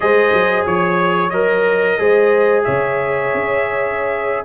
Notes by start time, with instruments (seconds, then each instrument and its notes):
0.00 tuba G#3, trombone G#4, horn C5, trumpet D#5
0.32 tuba F#3
0.66 tuba F3, trumpet C#5, horn C#5
1.30 tuba F#3, trombone A#4, trumpet D#5
1.98 tuba G#3, trombone G#4, horn C5
2.64 tuba C#3, horn C#5, trumpet E5
3.34 tuba C#4